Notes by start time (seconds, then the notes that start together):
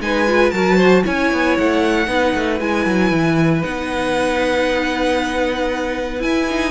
0.00 G#3 D#4 B4 G#5
0.27 F4
0.51 F#3 F#4 A#4 A5
0.77 C5
1.03 C#4 E4 C#5 G#5
1.32 B3
1.58 A3 F#5
2.07 B3 D#4 B4
2.34 A3
2.60 G#3 E4 G#5
2.86 F#3
3.11 E3
3.62 B3 D#4 F#5
6.19 E4 G#5
6.49 D#4